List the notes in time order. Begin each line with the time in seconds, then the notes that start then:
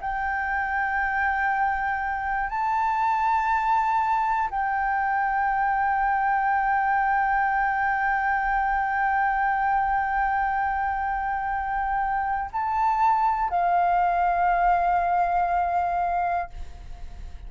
0.00 G5
2.50 A5
4.50 G5
12.52 A5
13.50 F5